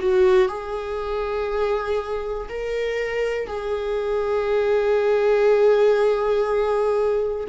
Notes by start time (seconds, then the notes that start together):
0.00 F#4
0.49 G#4
2.49 A#4
3.48 G#4